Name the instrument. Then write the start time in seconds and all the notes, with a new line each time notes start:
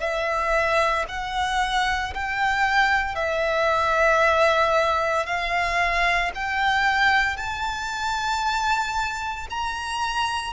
violin
0.00 E5
1.09 F#5
2.14 G5
3.16 E5
5.26 F5
6.35 G5
7.37 A5
9.50 A#5